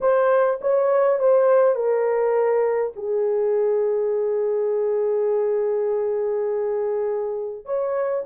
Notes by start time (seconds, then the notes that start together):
0.01 C5
0.61 C#5
1.19 C5
1.75 A#4
2.95 G#4
7.65 C#5